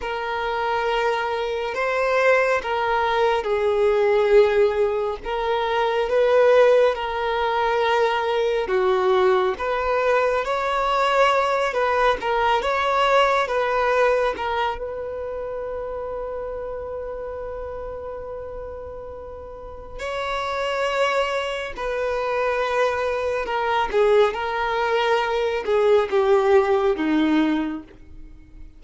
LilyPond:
\new Staff \with { instrumentName = "violin" } { \time 4/4 \tempo 4 = 69 ais'2 c''4 ais'4 | gis'2 ais'4 b'4 | ais'2 fis'4 b'4 | cis''4. b'8 ais'8 cis''4 b'8~ |
b'8 ais'8 b'2.~ | b'2. cis''4~ | cis''4 b'2 ais'8 gis'8 | ais'4. gis'8 g'4 dis'4 | }